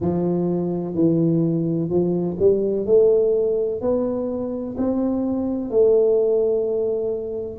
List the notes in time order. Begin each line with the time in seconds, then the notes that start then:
0.00 F3
0.94 E3
1.89 F3
2.39 G3
2.86 A3
3.81 B3
4.77 C4
5.70 A3